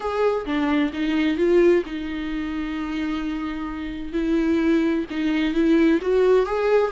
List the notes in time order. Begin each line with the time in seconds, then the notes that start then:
0.00 G#4
0.45 D4
0.93 D#4
1.37 F4
1.85 D#4
4.13 E4
5.10 D#4
5.53 E4
6.01 F#4
6.46 G#4